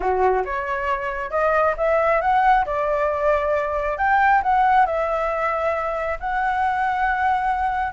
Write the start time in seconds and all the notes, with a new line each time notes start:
0.00 F#4
0.44 C#5
1.30 D#5
1.77 E5
2.21 F#5
2.65 D5
3.97 G5
4.43 F#5
4.86 E5
6.20 F#5